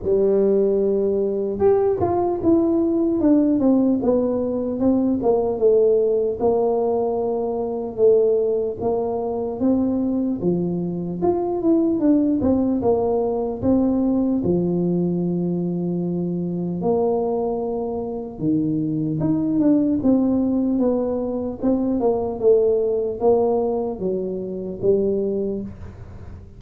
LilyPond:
\new Staff \with { instrumentName = "tuba" } { \time 4/4 \tempo 4 = 75 g2 g'8 f'8 e'4 | d'8 c'8 b4 c'8 ais8 a4 | ais2 a4 ais4 | c'4 f4 f'8 e'8 d'8 c'8 |
ais4 c'4 f2~ | f4 ais2 dis4 | dis'8 d'8 c'4 b4 c'8 ais8 | a4 ais4 fis4 g4 | }